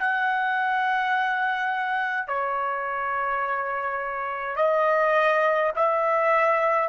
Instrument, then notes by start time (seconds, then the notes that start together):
trumpet
0.00 F#5
2.28 C#5
4.56 D#5
5.76 E5